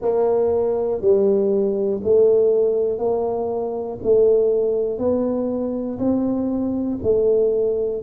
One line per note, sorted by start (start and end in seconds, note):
0.01 1.00 A#3
1.00 2.00 G3
2.03 2.98 A3
2.98 3.98 A#3
4.03 4.98 A3
4.98 5.98 B3
5.99 6.99 C4
7.03 8.02 A3